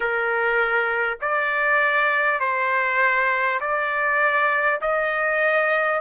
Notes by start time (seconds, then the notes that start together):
0.00 A#4
1.21 D5
2.40 C5
3.60 D5
4.81 D#5